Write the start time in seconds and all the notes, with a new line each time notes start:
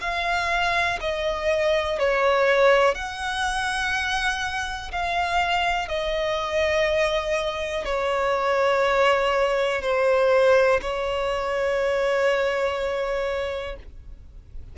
0.00 F5
1.00 D#5
1.99 C#5
2.95 F#5
4.91 F5
5.88 D#5
7.85 C#5
9.81 C5
10.81 C#5